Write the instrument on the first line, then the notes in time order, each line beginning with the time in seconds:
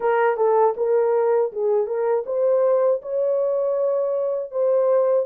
horn
0.00 A#4
0.36 A4
0.77 A#4
1.52 G#4
1.86 A#4
2.26 C5
3.02 C#5
4.51 C5